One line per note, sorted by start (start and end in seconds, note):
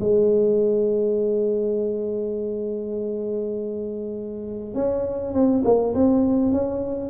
0.00 4.74 G#3
4.74 5.33 C#4
5.33 5.63 C4
5.64 5.94 A#3
5.94 6.52 C4
6.52 7.10 C#4